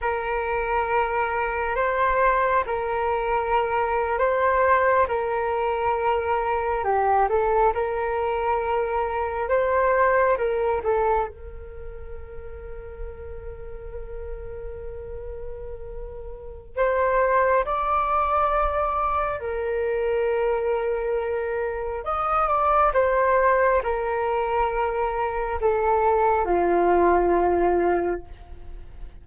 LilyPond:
\new Staff \with { instrumentName = "flute" } { \time 4/4 \tempo 4 = 68 ais'2 c''4 ais'4~ | ais'8. c''4 ais'2 g'16~ | g'16 a'8 ais'2 c''4 ais'16~ | ais'16 a'8 ais'2.~ ais'16~ |
ais'2. c''4 | d''2 ais'2~ | ais'4 dis''8 d''8 c''4 ais'4~ | ais'4 a'4 f'2 | }